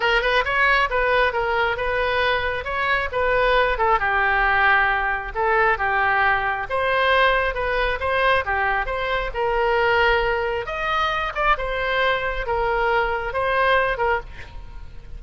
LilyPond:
\new Staff \with { instrumentName = "oboe" } { \time 4/4 \tempo 4 = 135 ais'8 b'8 cis''4 b'4 ais'4 | b'2 cis''4 b'4~ | b'8 a'8 g'2. | a'4 g'2 c''4~ |
c''4 b'4 c''4 g'4 | c''4 ais'2. | dis''4. d''8 c''2 | ais'2 c''4. ais'8 | }